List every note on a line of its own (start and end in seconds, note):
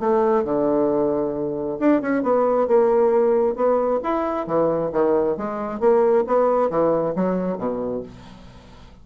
0.00 0.45 A3
0.45 1.79 D3
1.80 2.02 D4
2.02 2.23 C#4
2.23 2.68 B3
2.68 3.56 A#3
3.56 4.01 B3
4.04 4.47 E4
4.47 4.92 E3
4.93 5.38 D#3
5.38 5.80 G#3
5.80 6.25 A#3
6.27 6.70 B3
6.70 7.15 E3
7.16 7.59 F#3
7.59 8.03 B2